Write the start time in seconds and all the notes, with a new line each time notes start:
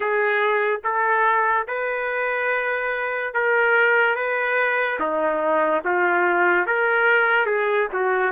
0.00 G#4
0.83 A4
1.67 B4
3.34 A#4
4.15 B4
4.99 D#4
5.84 F4
6.66 A#4
7.45 G#4
7.92 F#4